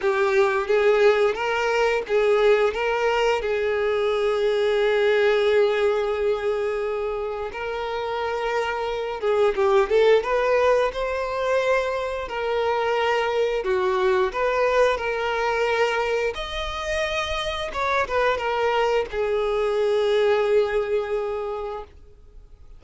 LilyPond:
\new Staff \with { instrumentName = "violin" } { \time 4/4 \tempo 4 = 88 g'4 gis'4 ais'4 gis'4 | ais'4 gis'2.~ | gis'2. ais'4~ | ais'4. gis'8 g'8 a'8 b'4 |
c''2 ais'2 | fis'4 b'4 ais'2 | dis''2 cis''8 b'8 ais'4 | gis'1 | }